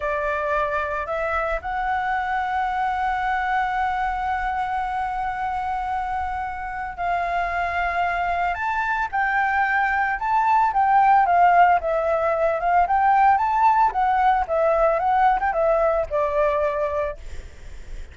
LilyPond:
\new Staff \with { instrumentName = "flute" } { \time 4/4 \tempo 4 = 112 d''2 e''4 fis''4~ | fis''1~ | fis''1~ | fis''4 f''2. |
a''4 g''2 a''4 | g''4 f''4 e''4. f''8 | g''4 a''4 fis''4 e''4 | fis''8. g''16 e''4 d''2 | }